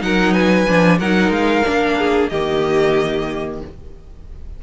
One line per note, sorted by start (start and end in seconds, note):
0.00 0.66 F#3
0.00 0.65 D#4
0.00 0.33 A#4
0.00 0.33 F#5
0.33 0.98 B4
0.33 0.98 G#5
0.67 1.00 F3
0.67 1.00 D4
0.99 1.30 F#3
0.99 1.65 D#4
0.99 1.97 A#4
0.99 1.32 F#5
1.30 1.62 G#3
1.30 2.28 F5
1.65 2.31 A#3
1.65 2.30 D4
1.98 2.30 G#4
2.28 3.62 D#3
2.28 3.62 A#3
2.28 3.61 G4
2.28 3.59 D#5